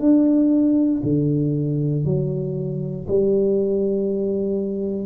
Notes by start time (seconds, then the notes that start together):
0.00 D4
1.04 D3
2.05 F#3
3.08 G3